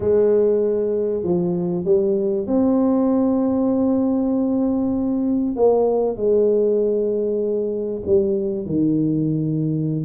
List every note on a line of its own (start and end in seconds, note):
0.00 1.23 G#3
1.23 1.84 F3
1.84 2.46 G3
2.46 5.55 C4
5.55 6.16 A#3
6.16 8.02 G#3
8.06 8.65 G3
8.65 10.05 D#3